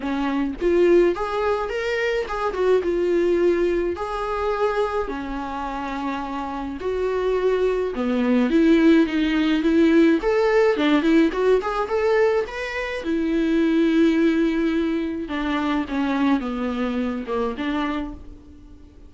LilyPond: \new Staff \with { instrumentName = "viola" } { \time 4/4 \tempo 4 = 106 cis'4 f'4 gis'4 ais'4 | gis'8 fis'8 f'2 gis'4~ | gis'4 cis'2. | fis'2 b4 e'4 |
dis'4 e'4 a'4 d'8 e'8 | fis'8 gis'8 a'4 b'4 e'4~ | e'2. d'4 | cis'4 b4. ais8 d'4 | }